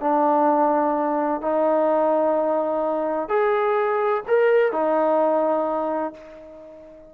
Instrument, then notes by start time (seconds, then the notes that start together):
trombone
0.00 D4
1.41 D#4
3.28 G#4
4.27 A#4
4.72 D#4